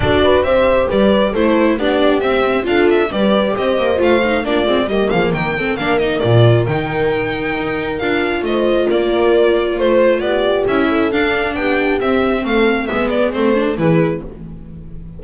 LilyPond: <<
  \new Staff \with { instrumentName = "violin" } { \time 4/4 \tempo 4 = 135 d''4 e''4 d''4 c''4 | d''4 e''4 f''8 e''8 d''4 | dis''4 f''4 d''4 dis''8 f''8 | g''4 f''8 dis''8 d''4 g''4~ |
g''2 f''4 dis''4 | d''2 c''4 d''4 | e''4 f''4 g''4 e''4 | f''4 e''8 d''8 c''4 b'4 | }
  \new Staff \with { instrumentName = "horn" } { \time 4/4 a'8 b'8 c''4 b'4 a'4 | g'2 a'4 b'4 | c''2 f'4 g'8 gis'8 | ais'8 a'8 ais'2.~ |
ais'2. c''4 | ais'2 c''4 g'4~ | g'8 a'4. g'2 | a'4 b'4 a'4 gis'4 | }
  \new Staff \with { instrumentName = "viola" } { \time 4/4 fis'4 g'2 e'4 | d'4 c'4 f'4 g'4~ | g'4 f'8 dis'8 d'8 c'8 ais4~ | ais8 c'8 d'8 dis'8 f'4 dis'4~ |
dis'2 f'2~ | f'1 | e'4 d'2 c'4~ | c'4 b4 c'8 d'8 e'4 | }
  \new Staff \with { instrumentName = "double bass" } { \time 4/4 d'4 c'4 g4 a4 | b4 c'4 d'4 g4 | c'8 ais8 a4 ais8 gis8 g8 f8 | dis4 ais4 ais,4 dis4~ |
dis4 dis'4 d'4 a4 | ais2 a4 b4 | cis'4 d'4 b4 c'4 | a4 gis4 a4 e4 | }
>>